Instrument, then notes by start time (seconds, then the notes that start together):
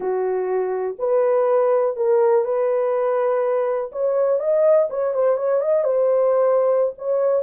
horn
0.00 F#4
0.98 B4
1.96 A#4
2.45 B4
3.92 C#5
4.39 D#5
4.89 C#5
5.14 C5
5.36 C#5
5.61 D#5
5.84 C5
6.98 C#5